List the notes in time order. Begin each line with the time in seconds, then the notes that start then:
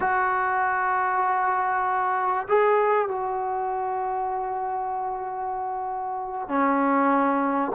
0.00 F#4
2.48 G#4
3.08 F#4
6.48 C#4